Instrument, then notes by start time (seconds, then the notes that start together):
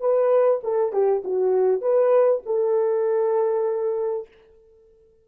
horn
0.00 B4
0.63 A4
0.92 G4
1.24 F#4
1.81 B4
2.46 A4